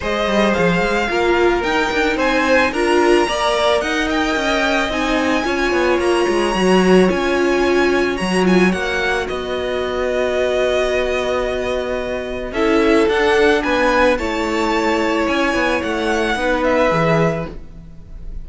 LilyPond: <<
  \new Staff \with { instrumentName = "violin" } { \time 4/4 \tempo 4 = 110 dis''4 f''2 g''4 | gis''4 ais''2 fis''8 g''8~ | g''4 gis''2 ais''4~ | ais''4 gis''2 ais''8 gis''8 |
fis''4 dis''2.~ | dis''2. e''4 | fis''4 gis''4 a''2 | gis''4 fis''4. e''4. | }
  \new Staff \with { instrumentName = "violin" } { \time 4/4 c''2 ais'2 | c''4 ais'4 d''4 dis''4~ | dis''2 cis''2~ | cis''1~ |
cis''4 b'2.~ | b'2. a'4~ | a'4 b'4 cis''2~ | cis''2 b'2 | }
  \new Staff \with { instrumentName = "viola" } { \time 4/4 gis'2 f'4 dis'4~ | dis'4 f'4 ais'2~ | ais'4 dis'4 f'2 | fis'4 f'2 fis'8 f'8 |
fis'1~ | fis'2. e'4 | d'2 e'2~ | e'2 dis'4 gis'4 | }
  \new Staff \with { instrumentName = "cello" } { \time 4/4 gis8 g8 f8 gis8 ais4 dis'8 d'8 | c'4 d'4 ais4 dis'4 | cis'4 c'4 cis'8 b8 ais8 gis8 | fis4 cis'2 fis4 |
ais4 b2.~ | b2. cis'4 | d'4 b4 a2 | cis'8 b8 a4 b4 e4 | }
>>